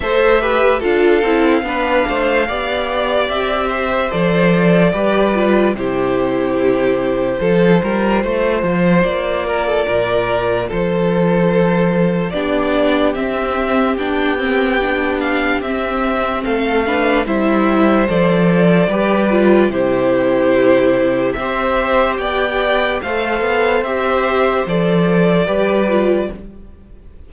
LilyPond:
<<
  \new Staff \with { instrumentName = "violin" } { \time 4/4 \tempo 4 = 73 e''4 f''2. | e''4 d''2 c''4~ | c''2. d''4~ | d''4 c''2 d''4 |
e''4 g''4. f''8 e''4 | f''4 e''4 d''2 | c''2 e''4 g''4 | f''4 e''4 d''2 | }
  \new Staff \with { instrumentName = "violin" } { \time 4/4 c''8 b'8 a'4 b'8 c''8 d''4~ | d''8 c''4. b'4 g'4~ | g'4 a'8 ais'8 c''4. ais'16 a'16 | ais'4 a'2 g'4~ |
g'1 | a'8 b'8 c''2 b'4 | g'2 c''4 d''4 | c''2. b'4 | }
  \new Staff \with { instrumentName = "viola" } { \time 4/4 a'8 g'8 f'8 e'8 d'4 g'4~ | g'4 a'4 g'8 f'8 e'4~ | e'4 f'2.~ | f'2. d'4 |
c'4 d'8 c'8 d'4 c'4~ | c'8 d'8 e'4 a'4 g'8 f'8 | e'2 g'2 | a'4 g'4 a'4 g'8 f'8 | }
  \new Staff \with { instrumentName = "cello" } { \time 4/4 a4 d'8 c'8 b8 a8 b4 | c'4 f4 g4 c4~ | c4 f8 g8 a8 f8 ais4 | ais,4 f2 b4 |
c'4 b2 c'4 | a4 g4 f4 g4 | c2 c'4 b4 | a8 b8 c'4 f4 g4 | }
>>